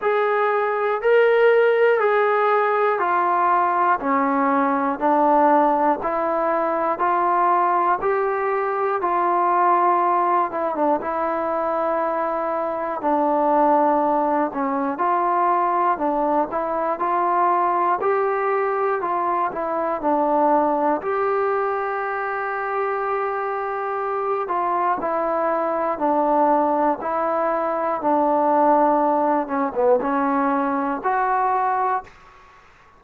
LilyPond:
\new Staff \with { instrumentName = "trombone" } { \time 4/4 \tempo 4 = 60 gis'4 ais'4 gis'4 f'4 | cis'4 d'4 e'4 f'4 | g'4 f'4. e'16 d'16 e'4~ | e'4 d'4. cis'8 f'4 |
d'8 e'8 f'4 g'4 f'8 e'8 | d'4 g'2.~ | g'8 f'8 e'4 d'4 e'4 | d'4. cis'16 b16 cis'4 fis'4 | }